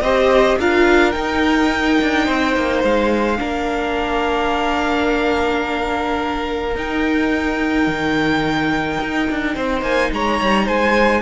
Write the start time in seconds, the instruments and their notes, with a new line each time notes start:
0.00 cello C4, viola G4, violin C5 D#5
0.59 cello D4, viola F4, violin A#4 F5
1.12 viola D#4, cello D#4, violin G5
2.01 cello D4
2.25 cello C4, violin C5
2.56 cello A#3
2.84 cello G#3, violin F5
3.38 cello A#3, viola D4, violin A#4
6.75 cello D#4, viola D#4, violin G5
7.87 cello D#3
9.01 cello D#4
9.30 cello D4
9.55 cello C4, violin C5
9.81 cello A#3, violin G#5
10.12 cello G#3, violin C#5 A#5
10.41 cello G3
10.65 cello G#3, violin C5 G#5